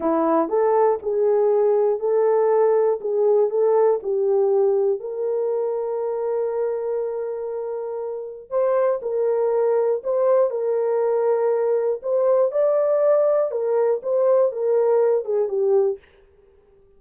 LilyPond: \new Staff \with { instrumentName = "horn" } { \time 4/4 \tempo 4 = 120 e'4 a'4 gis'2 | a'2 gis'4 a'4 | g'2 ais'2~ | ais'1~ |
ais'4 c''4 ais'2 | c''4 ais'2. | c''4 d''2 ais'4 | c''4 ais'4. gis'8 g'4 | }